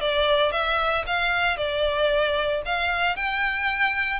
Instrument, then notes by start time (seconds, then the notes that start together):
violin
0.00 D5
0.51 E5
1.06 F5
1.57 D5
2.65 F5
3.16 G5